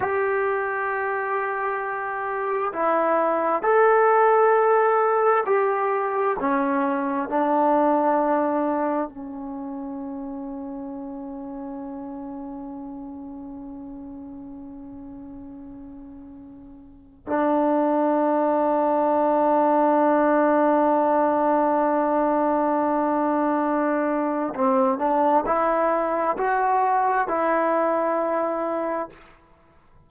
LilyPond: \new Staff \with { instrumentName = "trombone" } { \time 4/4 \tempo 4 = 66 g'2. e'4 | a'2 g'4 cis'4 | d'2 cis'2~ | cis'1~ |
cis'2. d'4~ | d'1~ | d'2. c'8 d'8 | e'4 fis'4 e'2 | }